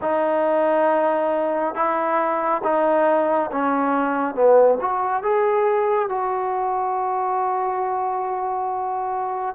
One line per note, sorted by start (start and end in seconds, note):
0.01 1.74 D#4
1.74 2.61 E4
2.63 3.50 D#4
3.51 4.34 C#4
4.34 4.78 B3
4.80 5.22 F#4
5.22 6.09 G#4
6.09 9.55 F#4